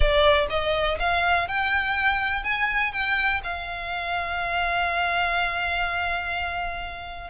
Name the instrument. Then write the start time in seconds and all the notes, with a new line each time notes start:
violin
0.00 D5
0.49 D#5
0.99 F5
1.48 G5
2.43 G#5
2.92 G5
3.43 F5